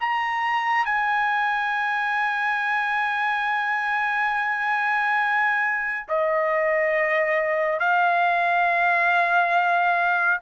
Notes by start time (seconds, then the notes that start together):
0.00 A#5
0.85 G#5
6.08 D#5
7.79 F5